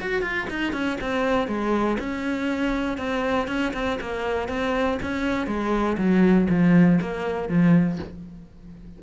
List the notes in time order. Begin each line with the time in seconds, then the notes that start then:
0.00 F#4
0.22 F4
0.50 D#4
0.72 C#4
1.00 C4
1.47 G#3
1.99 C#4
2.97 C4
3.47 C#4
3.73 C4
4.00 A#3
4.48 C4
5.02 C#4
5.47 G#3
5.97 F#3
6.49 F3
7.01 A#3
7.48 F3